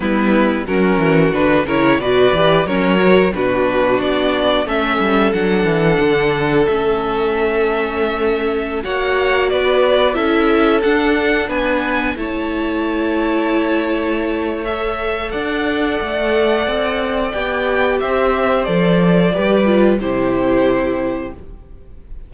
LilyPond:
<<
  \new Staff \with { instrumentName = "violin" } { \time 4/4 \tempo 4 = 90 b'4 ais'4 b'8 cis''8 d''4 | cis''4 b'4 d''4 e''4 | fis''2 e''2~ | e''4~ e''16 fis''4 d''4 e''8.~ |
e''16 fis''4 gis''4 a''4.~ a''16~ | a''2 e''4 fis''4~ | fis''2 g''4 e''4 | d''2 c''2 | }
  \new Staff \with { instrumentName = "violin" } { \time 4/4 e'4 fis'4. ais'8 b'4 | ais'4 fis'2 a'4~ | a'1~ | a'4~ a'16 cis''4 b'4 a'8.~ |
a'4~ a'16 b'4 cis''4.~ cis''16~ | cis''2. d''4~ | d''2. c''4~ | c''4 b'4 g'2 | }
  \new Staff \with { instrumentName = "viola" } { \time 4/4 b4 cis'4 d'8 e'8 fis'8 g'8 | cis'8 fis'8 d'2 cis'4 | d'2 cis'2~ | cis'4~ cis'16 fis'2 e'8.~ |
e'16 d'2 e'4.~ e'16~ | e'2 a'2~ | a'2 g'2 | a'4 g'8 f'8 e'2 | }
  \new Staff \with { instrumentName = "cello" } { \time 4/4 g4 fis8 e8 d8 cis8 b,8 e8 | fis4 b,4 b4 a8 g8 | fis8 e8 d4 a2~ | a4~ a16 ais4 b4 cis'8.~ |
cis'16 d'4 b4 a4.~ a16~ | a2. d'4 | a4 c'4 b4 c'4 | f4 g4 c2 | }
>>